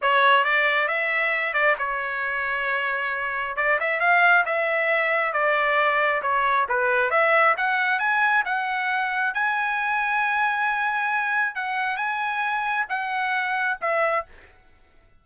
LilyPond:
\new Staff \with { instrumentName = "trumpet" } { \time 4/4 \tempo 4 = 135 cis''4 d''4 e''4. d''8 | cis''1 | d''8 e''8 f''4 e''2 | d''2 cis''4 b'4 |
e''4 fis''4 gis''4 fis''4~ | fis''4 gis''2.~ | gis''2 fis''4 gis''4~ | gis''4 fis''2 e''4 | }